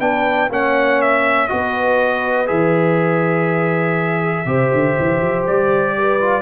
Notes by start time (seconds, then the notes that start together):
0.00 B3 D4 B4 G5
0.49 A#3 C#4 C#5 F#5
1.01 E5
1.48 B3 F#4 B4 D#5
2.46 E3 G#4 E5
4.46 C3 G4 C5
4.73 D3
4.99 E3
5.21 F3
5.47 G3 D5
5.98 B4
6.21 F4